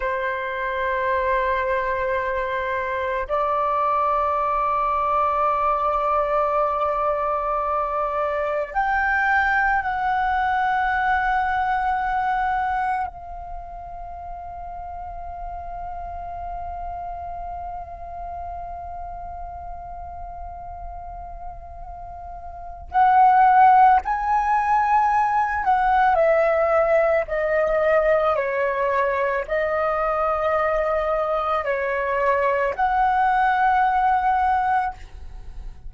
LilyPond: \new Staff \with { instrumentName = "flute" } { \time 4/4 \tempo 4 = 55 c''2. d''4~ | d''1 | g''4 fis''2. | f''1~ |
f''1~ | f''4 fis''4 gis''4. fis''8 | e''4 dis''4 cis''4 dis''4~ | dis''4 cis''4 fis''2 | }